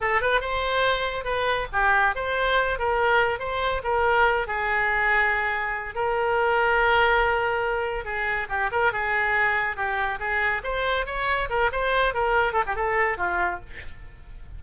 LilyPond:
\new Staff \with { instrumentName = "oboe" } { \time 4/4 \tempo 4 = 141 a'8 b'8 c''2 b'4 | g'4 c''4. ais'4. | c''4 ais'4. gis'4.~ | gis'2 ais'2~ |
ais'2. gis'4 | g'8 ais'8 gis'2 g'4 | gis'4 c''4 cis''4 ais'8 c''8~ | c''8 ais'4 a'16 g'16 a'4 f'4 | }